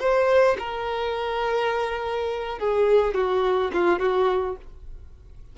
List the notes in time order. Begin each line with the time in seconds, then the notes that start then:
0.00 C5
0.59 A#4
2.59 G#4
3.15 F#4
3.74 F4
3.99 F#4